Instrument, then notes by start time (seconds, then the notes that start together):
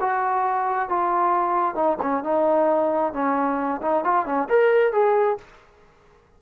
trombone
0.00 F#4
0.89 F4
1.75 D#4
2.02 C#4
2.24 D#4
3.13 C#4
3.82 D#4
4.04 F4
4.26 C#4
4.49 A#4
4.93 G#4